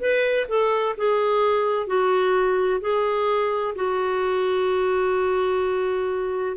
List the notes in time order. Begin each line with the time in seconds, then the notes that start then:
0.00 B4
0.49 A4
0.97 G#4
1.87 F#4
2.81 G#4
3.75 F#4